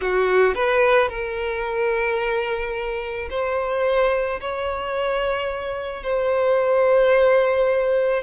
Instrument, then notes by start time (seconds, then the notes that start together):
violin
0.01 F#4
0.55 B4
1.08 A#4
3.30 C5
4.40 C#5
6.03 C5